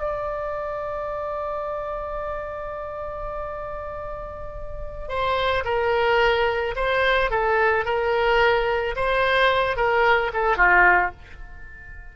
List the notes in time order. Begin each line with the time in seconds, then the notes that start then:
0.00 D5
5.09 C5
5.65 A#4
6.76 C5
7.31 A4
7.85 A#4
8.96 C5
9.77 A#4
10.34 A4
10.57 F4